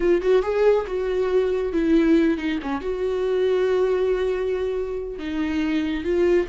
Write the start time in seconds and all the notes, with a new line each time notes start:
0.00 F4
0.21 F#4
0.42 G#4
0.86 F#4
1.73 E4
2.37 D#4
2.62 C#4
2.81 F#4
5.18 D#4
6.04 F4